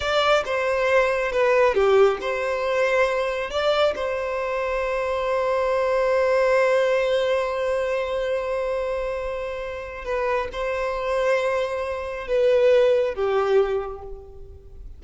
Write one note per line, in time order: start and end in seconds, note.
0.00 0.43 D5
0.45 1.31 C5
1.31 1.74 B4
1.74 2.18 G4
2.20 3.50 C5
3.50 3.94 D5
3.95 10.04 C5
10.04 10.48 B4
10.52 12.27 C5
12.27 13.14 B4
13.14 14.02 G4